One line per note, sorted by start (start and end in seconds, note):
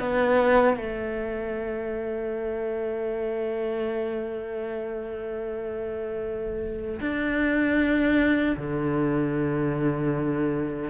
0.00 0.77 B3
0.77 7.01 A3
7.01 8.57 D4
8.57 10.90 D3